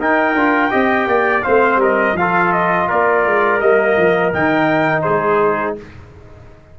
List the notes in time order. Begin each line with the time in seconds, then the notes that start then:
0.00 D#4 A#4 G5
0.34 D4 F4
0.71 C4 G4 D#5
1.07 A#3 D5
1.43 A3 C4 C5 F5
1.77 G3 A#4
1.83 D#5
2.14 F3 F5
2.20 F4 A4
2.53 D#5
2.88 A#3 A#4 D5
3.26 G#3
3.61 G3 A#3 D#5
3.97 F3
4.34 D#3 D#4 G5
5.03 G#3 G#4 C5